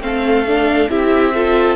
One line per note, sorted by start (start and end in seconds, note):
0.00 0.88 A3
0.00 0.45 C4
0.00 0.90 A4
0.00 0.90 F5
0.48 0.89 D4
0.89 1.76 C4
0.89 1.33 E4
0.89 1.34 G4
0.89 1.76 E5
1.34 1.76 F4
1.34 1.76 A4